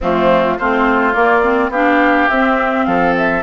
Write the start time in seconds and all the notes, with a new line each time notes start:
0.00 F3 A3 C4 F4
0.58 A3 C4 F4 C5
1.13 A#3 D5
1.42 C4
1.69 B3 D4 G4 F5
2.28 C4 E5
2.85 F3 A4 F5
3.17 E5